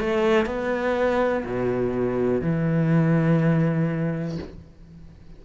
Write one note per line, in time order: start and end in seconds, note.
0.00 0.46 A3
0.46 1.44 B3
1.46 2.42 B2
2.42 4.39 E3